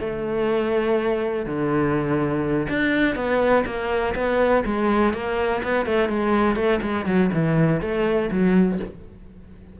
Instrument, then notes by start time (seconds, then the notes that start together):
cello
0.00 A3
1.46 D3
2.69 D4
3.16 B3
3.66 A#3
4.15 B3
4.66 G#3
5.14 A#3
5.63 B3
5.86 A3
6.09 G#3
6.56 A3
6.82 G#3
7.06 F#3
7.34 E3
7.81 A3
8.31 F#3